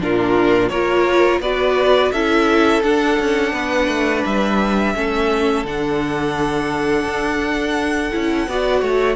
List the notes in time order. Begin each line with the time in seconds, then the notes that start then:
0.00 A#2 D4 F4 A#4
0.69 A#3 F4 A#4 C#5
1.40 B3 F#4 B4 D5
2.11 C#4 E4 A4 E5
2.82 D4 F#5
3.19 C#4
3.52 B3 B4
3.87 A3
4.25 G3 E5
4.95 A3 C#4 A4
5.64 D3 D4 F#5
7.04 D4
8.12 C#4 E4
8.47 B3 F#4 D5
8.81 A3 C#5